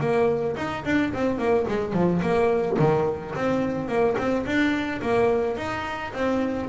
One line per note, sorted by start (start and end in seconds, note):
0.00 0.56 A#3
0.56 0.84 D#4
0.85 1.12 D4
1.13 1.38 C4
1.38 1.66 A#3
1.67 1.93 G#3
1.93 2.21 F3
2.21 2.77 A#3
2.79 3.35 D#3
3.35 3.88 C4
3.88 4.16 A#3
4.18 4.45 C4
4.45 5.01 D4
5.02 5.57 A#3
5.57 6.12 D#4
6.13 6.69 C4